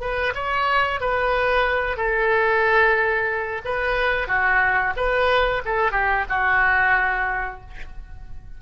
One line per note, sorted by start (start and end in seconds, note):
0.00 0.33 B4
0.35 1.00 C#5
1.00 1.96 B4
1.96 3.61 A4
3.64 4.27 B4
4.27 4.93 F#4
4.96 5.62 B4
5.65 5.92 A4
5.92 6.25 G4
6.29 7.61 F#4